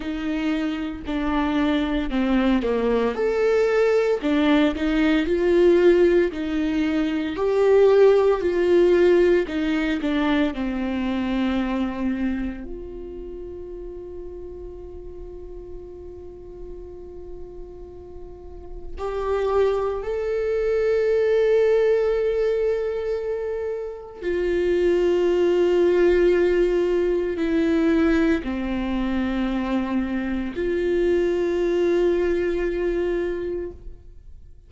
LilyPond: \new Staff \with { instrumentName = "viola" } { \time 4/4 \tempo 4 = 57 dis'4 d'4 c'8 ais8 a'4 | d'8 dis'8 f'4 dis'4 g'4 | f'4 dis'8 d'8 c'2 | f'1~ |
f'2 g'4 a'4~ | a'2. f'4~ | f'2 e'4 c'4~ | c'4 f'2. | }